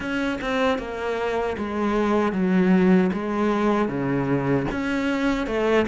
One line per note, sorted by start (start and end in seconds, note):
0.00 0.39 C#4
0.41 0.78 C4
0.78 1.56 A#3
1.57 2.32 G#3
2.32 3.10 F#3
3.12 3.88 G#3
3.88 4.66 C#3
4.71 5.47 C#4
5.47 5.85 A3